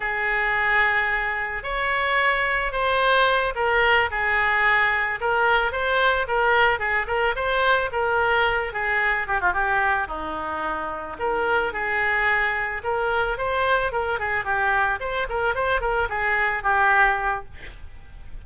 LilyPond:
\new Staff \with { instrumentName = "oboe" } { \time 4/4 \tempo 4 = 110 gis'2. cis''4~ | cis''4 c''4. ais'4 gis'8~ | gis'4. ais'4 c''4 ais'8~ | ais'8 gis'8 ais'8 c''4 ais'4. |
gis'4 g'16 f'16 g'4 dis'4.~ | dis'8 ais'4 gis'2 ais'8~ | ais'8 c''4 ais'8 gis'8 g'4 c''8 | ais'8 c''8 ais'8 gis'4 g'4. | }